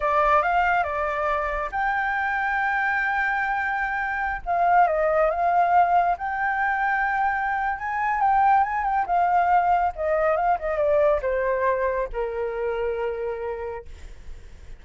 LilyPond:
\new Staff \with { instrumentName = "flute" } { \time 4/4 \tempo 4 = 139 d''4 f''4 d''2 | g''1~ | g''2~ g''16 f''4 dis''8.~ | dis''16 f''2 g''4.~ g''16~ |
g''2 gis''4 g''4 | gis''8 g''8 f''2 dis''4 | f''8 dis''8 d''4 c''2 | ais'1 | }